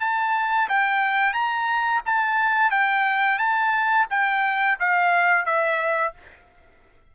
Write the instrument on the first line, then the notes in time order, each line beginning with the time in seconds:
trumpet
0.00 A5
0.68 G5
1.33 A#5
2.05 A5
2.71 G5
3.38 A5
4.10 G5
4.79 F5
5.45 E5